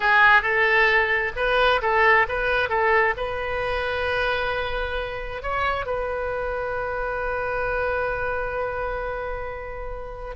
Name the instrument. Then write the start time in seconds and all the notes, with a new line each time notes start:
oboe
0.00 G#4
0.42 A4
1.36 B4
1.81 A4
2.28 B4
2.69 A4
3.16 B4
5.42 C#5
5.86 B4